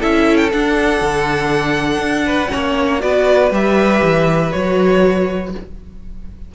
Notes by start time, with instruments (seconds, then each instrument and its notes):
0.00 cello C#4, viola E4, violin A4 E5
0.37 violin G5
0.51 viola D4, cello D4, violin F#5
1.02 cello D3
1.98 cello D4
2.26 violin B4
2.50 cello A#3, viola C#4, violin C#5
3.00 cello B3, viola F#4, violin B4 D5
3.51 cello G3, viola G4, violin E5
4.03 cello E3
4.52 cello F#3, viola F#4, violin C#5